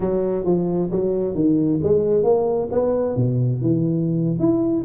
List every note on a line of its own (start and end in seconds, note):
0.00 0.44 F#3
0.44 0.89 F3
0.91 1.34 F#3
1.34 1.79 D#3
1.83 2.23 G#3
2.23 2.68 A#3
2.71 3.16 B3
3.16 3.61 B2
3.61 4.39 E3
4.39 4.84 E4